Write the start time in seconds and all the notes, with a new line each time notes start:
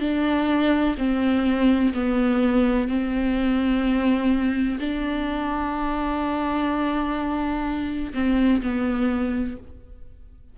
0.00 D4
0.98 C4
1.94 B3
2.88 C4
4.80 D4
8.14 C4
8.62 B3